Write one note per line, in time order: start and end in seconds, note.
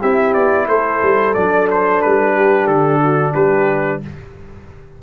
0.00 0.35 C4
0.00 1.35 E4
0.00 0.67 G4
0.00 0.33 E5
0.33 0.67 B3
0.33 0.67 D5
0.67 1.00 A3
0.67 2.35 A4
0.67 1.34 C5
1.02 1.36 G3
1.34 2.03 F#3
1.34 4.02 D4
1.34 1.67 D5
1.70 2.02 C5
2.02 2.67 G3
2.02 2.67 B4
2.35 3.02 G4
2.67 3.34 D3
2.67 3.33 A4
3.02 3.34 F#4
3.34 4.01 G3
3.34 4.00 G4
3.34 4.01 B4